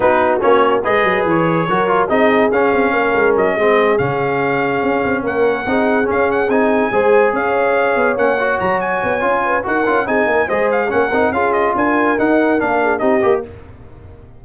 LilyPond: <<
  \new Staff \with { instrumentName = "trumpet" } { \time 4/4 \tempo 4 = 143 b'4 cis''4 dis''4 cis''4~ | cis''4 dis''4 f''2 | dis''4. f''2~ f''8~ | f''8 fis''2 f''8 fis''8 gis''8~ |
gis''4. f''2 fis''8~ | fis''8 ais''8 gis''2 fis''4 | gis''4 dis''8 f''8 fis''4 f''8 dis''8 | gis''4 fis''4 f''4 dis''4 | }
  \new Staff \with { instrumentName = "horn" } { \time 4/4 fis'2 b'2 | ais'4 gis'2 ais'4~ | ais'8 gis'2.~ gis'8~ | gis'8 ais'4 gis'2~ gis'8~ |
gis'8 c''4 cis''2~ cis''8~ | cis''2~ cis''8 b'8 ais'4 | gis'8 ais'8 c''4 ais'4 gis'4 | ais'2~ ais'8 gis'8 g'4 | }
  \new Staff \with { instrumentName = "trombone" } { \time 4/4 dis'4 cis'4 gis'2 | fis'8 f'8 dis'4 cis'2~ | cis'8 c'4 cis'2~ cis'8~ | cis'4. dis'4 cis'4 dis'8~ |
dis'8 gis'2. cis'8 | fis'2 f'4 fis'8 f'8 | dis'4 gis'4 cis'8 dis'8 f'4~ | f'4 dis'4 d'4 dis'8 g'8 | }
  \new Staff \with { instrumentName = "tuba" } { \time 4/4 b4 ais4 gis8 fis8 e4 | fis4 c'4 cis'8 c'8 ais8 gis8 | fis8 gis4 cis2 cis'8 | c'8 ais4 c'4 cis'4 c'8~ |
c'8 gis4 cis'4. b8 ais8~ | ais8 fis4 b8 cis'4 dis'8 cis'8 | c'8 ais8 gis4 ais8 c'8 cis'4 | d'4 dis'4 ais4 c'8 ais8 | }
>>